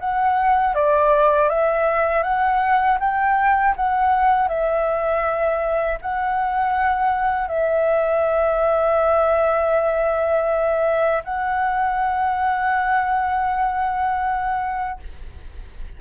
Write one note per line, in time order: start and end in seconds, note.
0.00 0.75 F#5
0.75 1.49 D5
1.49 2.23 E5
2.23 2.98 F#5
3.00 3.75 G5
3.77 4.49 F#5
4.49 5.99 E5
6.02 7.48 F#5
7.48 11.23 E5
11.25 15.00 F#5